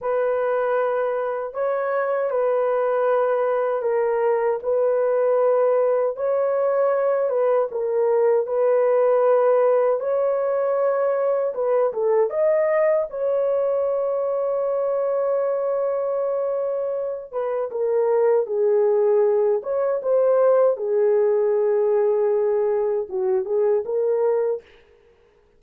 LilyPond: \new Staff \with { instrumentName = "horn" } { \time 4/4 \tempo 4 = 78 b'2 cis''4 b'4~ | b'4 ais'4 b'2 | cis''4. b'8 ais'4 b'4~ | b'4 cis''2 b'8 a'8 |
dis''4 cis''2.~ | cis''2~ cis''8 b'8 ais'4 | gis'4. cis''8 c''4 gis'4~ | gis'2 fis'8 gis'8 ais'4 | }